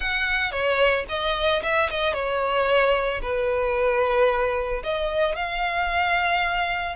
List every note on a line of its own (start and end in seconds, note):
0.00 0.51 F#5
0.51 1.04 C#5
1.09 1.62 D#5
1.62 1.89 E5
1.89 2.13 D#5
2.13 3.20 C#5
3.21 4.82 B4
4.83 5.35 D#5
5.35 6.96 F5